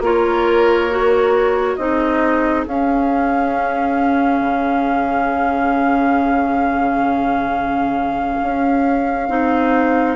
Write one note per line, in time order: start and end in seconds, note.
0.00 1.76 A#3
0.00 0.90 F4
0.00 1.79 A#4
0.00 1.76 C#5
0.90 1.78 F#4
1.76 2.66 C4
1.76 2.67 D#4
1.76 10.16 G#4
1.76 2.64 D#5
2.67 4.40 C#4
2.67 9.29 C#4
2.67 10.16 F5
4.40 8.37 C#3
8.42 9.29 C#4
9.29 10.16 C4
9.29 10.16 D#4